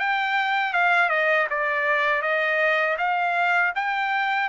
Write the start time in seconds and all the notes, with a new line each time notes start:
0.00 G5
0.74 F5
1.09 D#5
1.50 D5
2.22 D#5
2.98 F5
3.76 G5